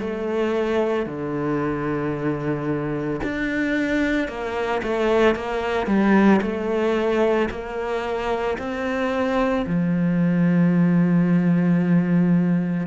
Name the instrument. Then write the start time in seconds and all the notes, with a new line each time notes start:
cello
0.00 A3
1.06 D3
3.23 D4
4.28 A#3
4.83 A3
5.35 A#3
5.87 G3
6.41 A3
7.50 A#3
8.58 C4
9.66 F3